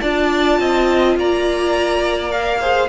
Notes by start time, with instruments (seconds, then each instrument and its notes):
0.00 cello D4, viola F4, violin D5 A5
0.59 cello C4, violin D#5
1.16 cello A#3, violin D5 A#5
2.31 viola A#4, violin F5
2.60 viola G#4, violin C5